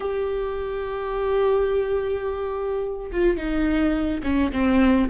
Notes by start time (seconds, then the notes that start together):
0.00 G4
3.12 F4
3.36 D#4
4.23 C#4
4.52 C4